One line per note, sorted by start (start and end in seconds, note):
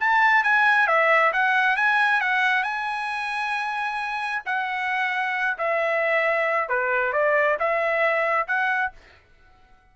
0.00 0.44 A5
0.44 0.87 G#5
0.87 1.32 E5
1.33 1.76 F#5
1.76 2.21 G#5
2.21 2.63 F#5
2.63 4.42 G#5
4.46 5.57 F#5
5.58 6.69 E5
6.69 7.13 B4
7.13 7.58 D5
7.59 8.47 E5
8.47 8.92 F#5